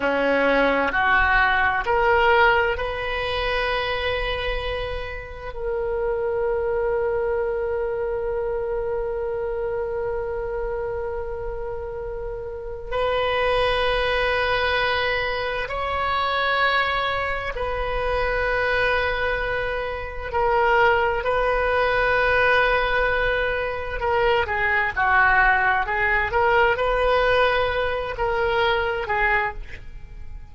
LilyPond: \new Staff \with { instrumentName = "oboe" } { \time 4/4 \tempo 4 = 65 cis'4 fis'4 ais'4 b'4~ | b'2 ais'2~ | ais'1~ | ais'2 b'2~ |
b'4 cis''2 b'4~ | b'2 ais'4 b'4~ | b'2 ais'8 gis'8 fis'4 | gis'8 ais'8 b'4. ais'4 gis'8 | }